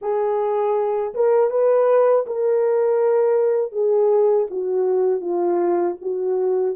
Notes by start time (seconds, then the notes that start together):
0.01 G#4
1.14 A#4
1.50 B4
2.26 A#4
3.72 G#4
4.50 F#4
5.20 F4
6.01 F#4